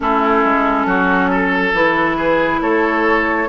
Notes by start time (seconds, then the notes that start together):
0.00 A3 C#4 E4 A4
0.44 G#3
0.85 F#3 F#4
1.30 A4
1.73 E3 E4 B4
2.16 G#4
2.61 A3 A4 C#5